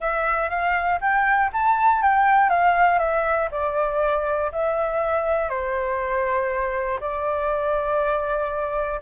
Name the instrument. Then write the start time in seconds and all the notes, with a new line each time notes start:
flute
0.00 E5
0.49 F5
1.00 G5
1.52 A5
2.02 G5
2.49 F5
2.98 E5
3.51 D5
4.52 E5
5.49 C5
7.00 D5